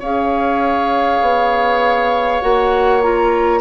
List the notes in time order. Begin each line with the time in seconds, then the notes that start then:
0.00 C#4 G#4 C#5 F5
1.21 B3
2.42 A#3 F#4 F#5
3.02 F4 A#5